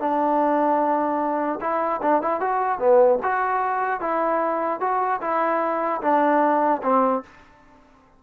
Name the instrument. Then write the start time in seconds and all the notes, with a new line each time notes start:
trombone
0.00 D4
1.61 E4
2.02 D4
2.22 E4
2.41 F#4
2.79 B3
3.23 F#4
4.01 E4
4.81 F#4
5.22 E4
6.02 D4
6.83 C4